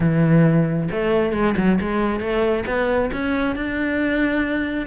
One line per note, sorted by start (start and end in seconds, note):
0.00 0.88 E3
0.91 1.32 A3
1.32 1.55 G#3
1.57 1.79 F#3
1.80 2.20 G#3
2.20 2.64 A3
2.66 3.10 B3
3.12 3.55 C#4
3.55 4.86 D4